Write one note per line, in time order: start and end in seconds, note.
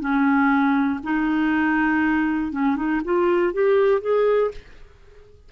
0.00 1.00 C#4
1.03 2.52 D#4
2.52 2.76 C#4
2.76 3.01 D#4
3.05 3.53 F4
3.53 4.01 G4
4.01 4.51 G#4